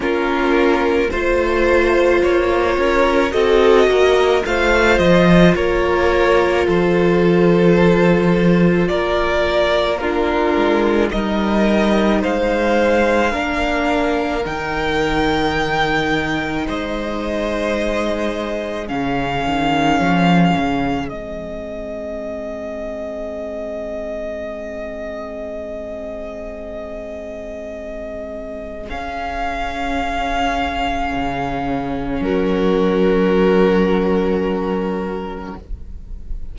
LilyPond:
<<
  \new Staff \with { instrumentName = "violin" } { \time 4/4 \tempo 4 = 54 ais'4 c''4 cis''4 dis''4 | f''8 dis''8 cis''4 c''2 | d''4 ais'4 dis''4 f''4~ | f''4 g''2 dis''4~ |
dis''4 f''2 dis''4~ | dis''1~ | dis''2 f''2~ | f''4 ais'2. | }
  \new Staff \with { instrumentName = "violin" } { \time 4/4 f'4 c''4. ais'8 a'8 ais'8 | c''4 ais'4 a'2 | ais'4 f'4 ais'4 c''4 | ais'2. c''4~ |
c''4 gis'2.~ | gis'1~ | gis'1~ | gis'4 fis'2. | }
  \new Staff \with { instrumentName = "viola" } { \time 4/4 cis'4 f'2 fis'4 | f'1~ | f'4 d'4 dis'2 | d'4 dis'2.~ |
dis'4 cis'2 c'4~ | c'1~ | c'2 cis'2~ | cis'1 | }
  \new Staff \with { instrumentName = "cello" } { \time 4/4 ais4 a4 ais8 cis'8 c'8 ais8 | a8 f8 ais4 f2 | ais4. gis8 g4 gis4 | ais4 dis2 gis4~ |
gis4 cis8 dis8 f8 cis8 gis4~ | gis1~ | gis2 cis'2 | cis4 fis2. | }
>>